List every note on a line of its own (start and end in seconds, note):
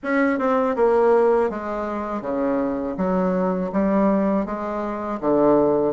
0.03 0.38 C#4
0.38 0.75 C4
0.76 1.50 A#3
1.50 2.21 G#3
2.21 2.95 C#3
2.97 3.71 F#3
3.72 4.45 G3
4.45 5.19 G#3
5.20 5.93 D3